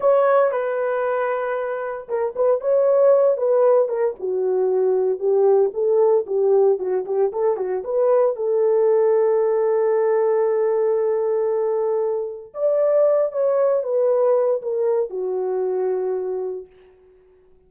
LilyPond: \new Staff \with { instrumentName = "horn" } { \time 4/4 \tempo 4 = 115 cis''4 b'2. | ais'8 b'8 cis''4. b'4 ais'8 | fis'2 g'4 a'4 | g'4 fis'8 g'8 a'8 fis'8 b'4 |
a'1~ | a'1 | d''4. cis''4 b'4. | ais'4 fis'2. | }